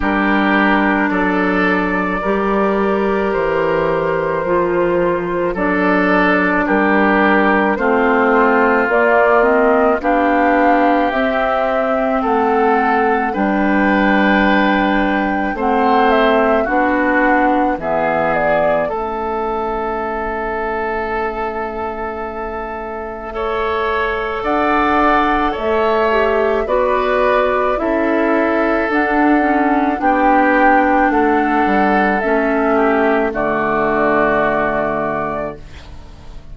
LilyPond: <<
  \new Staff \with { instrumentName = "flute" } { \time 4/4 \tempo 4 = 54 ais'4 d''2 c''4~ | c''4 d''4 ais'4 c''4 | d''8 dis''8 f''4 e''4 fis''4 | g''2 fis''8 e''8 fis''4 |
e''8 d''8 e''2.~ | e''2 fis''4 e''4 | d''4 e''4 fis''4 g''4 | fis''4 e''4 d''2 | }
  \new Staff \with { instrumentName = "oboe" } { \time 4/4 g'4 a'4 ais'2~ | ais'4 a'4 g'4 f'4~ | f'4 g'2 a'4 | b'2 c''4 fis'4 |
gis'4 a'2.~ | a'4 cis''4 d''4 cis''4 | b'4 a'2 g'4 | a'4. g'8 fis'2 | }
  \new Staff \with { instrumentName = "clarinet" } { \time 4/4 d'2 g'2 | f'4 d'2 c'4 | ais8 c'8 d'4 c'2 | d'2 c'4 d'4 |
b4 cis'2.~ | cis'4 a'2~ a'8 g'8 | fis'4 e'4 d'8 cis'8 d'4~ | d'4 cis'4 a2 | }
  \new Staff \with { instrumentName = "bassoon" } { \time 4/4 g4 fis4 g4 e4 | f4 fis4 g4 a4 | ais4 b4 c'4 a4 | g2 a4 b4 |
e4 a2.~ | a2 d'4 a4 | b4 cis'4 d'4 b4 | a8 g8 a4 d2 | }
>>